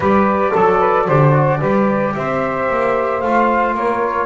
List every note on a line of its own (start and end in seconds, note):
0.00 0.52 G3
0.00 0.55 G4
0.00 0.51 B4
0.00 2.14 D5
0.51 1.08 F#3
0.51 0.78 A4
0.51 1.08 A4
0.78 1.05 B4
1.06 1.61 D3
1.06 1.33 G4
1.06 1.59 C5
1.33 1.59 F#4
1.60 2.14 G3
1.60 3.22 G4
1.60 2.13 B4
2.14 2.70 C4
2.14 3.75 C5
2.14 3.21 E5
2.70 3.21 A#3
3.21 3.74 A3
3.21 4.25 F4
3.21 3.74 F5
3.74 4.25 A#3
3.74 4.25 A#4
3.74 4.25 C#5